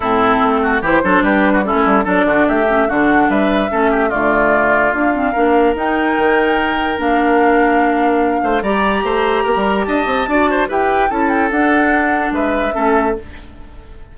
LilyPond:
<<
  \new Staff \with { instrumentName = "flute" } { \time 4/4 \tempo 4 = 146 a'2 c''4 b'4 | a'4 d''4 e''4 fis''4 | e''2 d''2 | f''2 g''2~ |
g''4 f''2.~ | f''4 ais''2. | a''2 g''4 a''8 g''8 | fis''2 e''2 | }
  \new Staff \with { instrumentName = "oboe" } { \time 4/4 e'4. fis'8 g'8 a'8 g'8. fis'16 | e'4 a'8 fis'8 g'4 fis'4 | b'4 a'8 g'8 f'2~ | f'4 ais'2.~ |
ais'1~ | ais'8 c''8 d''4 c''4 ais'4 | dis''4 d''8 c''8 b'4 a'4~ | a'2 b'4 a'4 | }
  \new Staff \with { instrumentName = "clarinet" } { \time 4/4 c'2 e'8 d'4. | cis'4 d'4. cis'8 d'4~ | d'4 cis'4 a2 | ais8 c'8 d'4 dis'2~ |
dis'4 d'2.~ | d'4 g'2.~ | g'4 fis'4 g'4 e'4 | d'2. cis'4 | }
  \new Staff \with { instrumentName = "bassoon" } { \time 4/4 a,4 a4 e8 fis8 g4~ | g16 a16 g8 fis8 d8 a4 d4 | g4 a4 d2 | d'4 ais4 dis'4 dis4~ |
dis4 ais2.~ | ais8 a8 g4 a4 ais16 g8. | d'8 c'8 d'4 e'4 cis'4 | d'2 gis4 a4 | }
>>